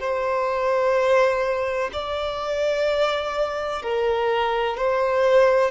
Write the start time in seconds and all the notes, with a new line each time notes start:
0.00 C5
1.93 D5
3.82 A#4
4.77 C5